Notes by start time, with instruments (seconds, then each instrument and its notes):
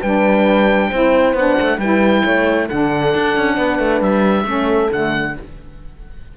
0.00 cello G3, saxophone D4, horn B4, oboe G5
0.89 cello C4, saxophone E4, horn C5
1.34 cello B3, saxophone D4, oboe F#5
1.61 cello A3
1.78 cello G3, saxophone E4, horn B4, oboe G5
2.24 cello A3, horn C#5
2.66 cello D3, saxophone D4, horn A4, oboe F#5
3.14 cello D4
3.37 cello C#4
3.57 cello B3, horn B4
3.79 cello A3
4.01 cello G3, oboe E5
4.45 cello A3, saxophone C#4, horn A4
4.90 cello D3, saxophone A3, oboe F#5